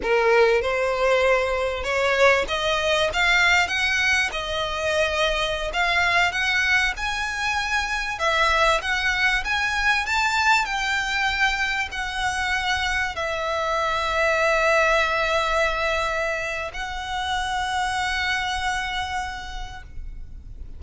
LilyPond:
\new Staff \with { instrumentName = "violin" } { \time 4/4 \tempo 4 = 97 ais'4 c''2 cis''4 | dis''4 f''4 fis''4 dis''4~ | dis''4~ dis''16 f''4 fis''4 gis''8.~ | gis''4~ gis''16 e''4 fis''4 gis''8.~ |
gis''16 a''4 g''2 fis''8.~ | fis''4~ fis''16 e''2~ e''8.~ | e''2. fis''4~ | fis''1 | }